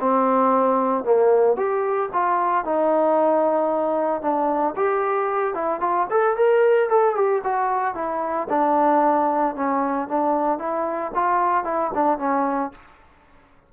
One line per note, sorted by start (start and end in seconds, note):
0.00 1.04 C4
1.04 1.56 A#3
1.56 2.09 G4
2.13 2.64 F4
2.64 4.21 D#4
4.21 4.74 D4
4.76 5.54 G4
5.54 5.80 E4
5.80 6.07 F4
6.10 6.36 A4
6.36 6.89 A#4
6.89 7.15 A4
7.15 7.41 G4
7.43 7.94 F#4
7.94 8.47 E4
8.49 9.55 D4
9.55 10.08 C#4
10.08 10.58 D4
10.58 11.11 E4
11.14 11.64 F4
11.64 11.91 E4
11.94 12.18 D4
12.18 12.71 C#4